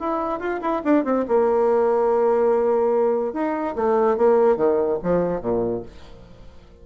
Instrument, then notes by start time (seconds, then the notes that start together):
bassoon
0.00 E4
0.40 F4
0.62 E4
0.85 D4
1.05 C4
1.28 A#3
3.34 D#4
3.76 A3
4.18 A#3
4.57 D#3
5.03 F3
5.41 A#2